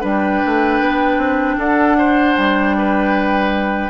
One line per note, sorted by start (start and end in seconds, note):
0.00 0.42 G3
0.00 3.89 D4
0.00 1.56 B4
0.00 1.60 G5
0.45 0.80 A3
0.80 1.17 B3
1.17 1.56 C4
1.57 2.35 D4
1.57 1.96 A4
1.57 2.37 F#5
1.98 2.76 C5
2.37 3.89 G3
2.37 3.89 G5
2.78 3.89 B4